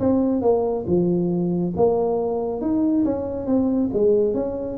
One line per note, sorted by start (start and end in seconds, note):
0.00 0.42 C4
0.42 0.85 A#3
0.87 1.74 F3
1.77 2.61 A#3
2.61 3.05 D#4
3.05 3.47 C#4
3.47 3.90 C4
3.94 4.34 G#3
4.34 4.78 C#4